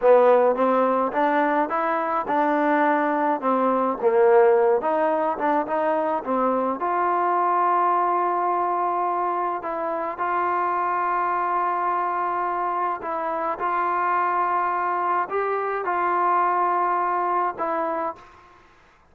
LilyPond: \new Staff \with { instrumentName = "trombone" } { \time 4/4 \tempo 4 = 106 b4 c'4 d'4 e'4 | d'2 c'4 ais4~ | ais8 dis'4 d'8 dis'4 c'4 | f'1~ |
f'4 e'4 f'2~ | f'2. e'4 | f'2. g'4 | f'2. e'4 | }